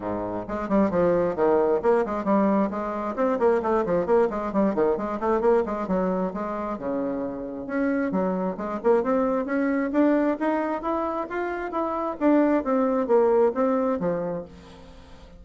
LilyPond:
\new Staff \with { instrumentName = "bassoon" } { \time 4/4 \tempo 4 = 133 gis,4 gis8 g8 f4 dis4 | ais8 gis8 g4 gis4 c'8 ais8 | a8 f8 ais8 gis8 g8 dis8 gis8 a8 | ais8 gis8 fis4 gis4 cis4~ |
cis4 cis'4 fis4 gis8 ais8 | c'4 cis'4 d'4 dis'4 | e'4 f'4 e'4 d'4 | c'4 ais4 c'4 f4 | }